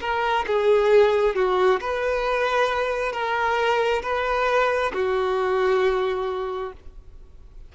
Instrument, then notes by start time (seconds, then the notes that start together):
violin
0.00 A#4
0.46 G#4
1.35 F#4
1.80 B4
3.12 A#4
4.02 B4
4.93 F#4